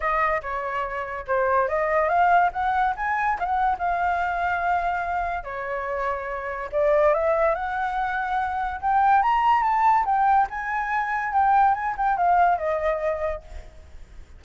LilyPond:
\new Staff \with { instrumentName = "flute" } { \time 4/4 \tempo 4 = 143 dis''4 cis''2 c''4 | dis''4 f''4 fis''4 gis''4 | f''16 fis''8. f''2.~ | f''4 cis''2. |
d''4 e''4 fis''2~ | fis''4 g''4 ais''4 a''4 | g''4 gis''2 g''4 | gis''8 g''8 f''4 dis''2 | }